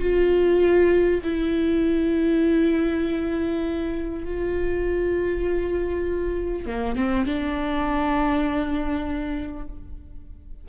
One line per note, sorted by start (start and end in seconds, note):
0.00 1.21 F4
1.24 4.25 E4
4.25 6.67 F4
6.67 6.96 A#3
6.96 7.26 C4
7.26 9.68 D4